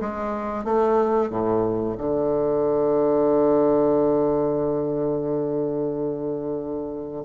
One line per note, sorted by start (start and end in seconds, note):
0.00 0.64 G#3
0.64 1.30 A3
1.30 1.96 A2
1.98 7.24 D3